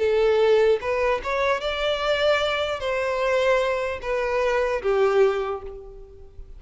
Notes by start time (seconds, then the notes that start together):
0.00 A4
0.81 B4
1.24 C#5
1.61 D5
2.80 C5
4.02 B4
4.83 G4